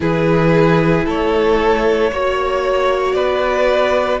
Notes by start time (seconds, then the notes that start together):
0.00 E3 E4 G#4 B4
1.05 A3 A4 C#5
2.11 A#3 F#4 C#5
3.12 B3 B4 D5